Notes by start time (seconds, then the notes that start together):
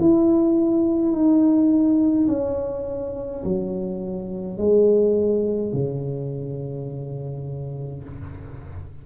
0.00 E4
1.12 D#4
2.28 C#4
3.44 F#3
4.57 G#3
5.73 C#3